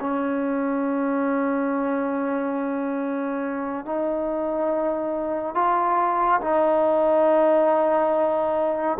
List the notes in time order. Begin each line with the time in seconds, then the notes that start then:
0.00 C#4
3.85 D#4
5.55 F4
6.41 D#4